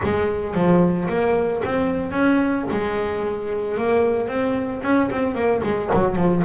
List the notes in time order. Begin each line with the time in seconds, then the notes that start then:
0.03 G#3
0.54 F3
1.08 A#3
1.64 C4
2.11 C#4
2.71 G#3
3.77 A#3
4.28 C4
4.82 C#4
5.11 C4
5.34 A#3
5.63 G#3
5.94 F#3
6.15 F3